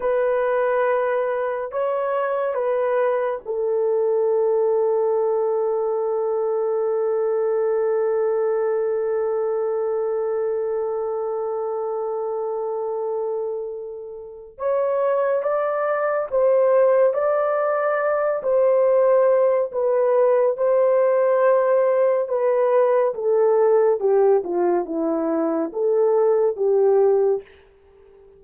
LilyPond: \new Staff \with { instrumentName = "horn" } { \time 4/4 \tempo 4 = 70 b'2 cis''4 b'4 | a'1~ | a'1~ | a'1~ |
a'4 cis''4 d''4 c''4 | d''4. c''4. b'4 | c''2 b'4 a'4 | g'8 f'8 e'4 a'4 g'4 | }